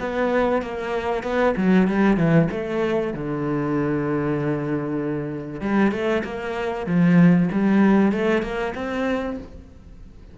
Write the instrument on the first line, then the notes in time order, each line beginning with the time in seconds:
cello
0.00 B3
0.62 A#3
1.23 B3
1.57 F#3
1.88 G3
2.17 E3
2.51 A3
3.14 D3
5.61 G3
5.92 A3
6.24 A#3
6.87 F3
7.52 G3
8.12 A3
8.43 A#3
8.75 C4